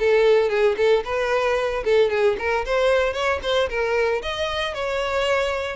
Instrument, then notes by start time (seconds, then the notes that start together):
violin
0.00 A4
0.50 G#4
0.78 A4
1.05 B4
1.85 A4
2.11 G#4
2.39 A#4
2.66 C5
3.14 C#5
3.43 C5
3.70 A#4
4.23 D#5
4.75 C#5